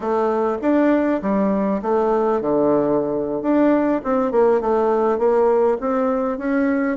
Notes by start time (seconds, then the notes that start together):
0.00 A3
0.61 D4
1.22 G3
1.81 A3
2.41 D3
3.42 D4
4.03 C4
4.31 A#3
4.60 A3
5.18 A#3
5.80 C4
6.38 C#4